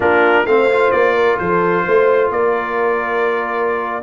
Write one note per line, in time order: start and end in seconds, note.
0.00 0.45 A#3
0.00 0.46 D4
0.00 0.46 F4
0.00 0.46 A#4
0.45 0.91 A3
0.45 0.70 C4
0.45 1.15 C5
0.45 0.91 F5
0.70 4.02 F4
0.91 1.39 A#3
0.91 1.37 D5
1.15 1.38 A#4
1.38 1.85 F3
1.38 1.84 A4
1.38 2.30 C5
1.84 2.30 A3
1.84 2.30 C5
2.30 4.02 A#3
2.30 4.02 A#4
2.30 4.02 D5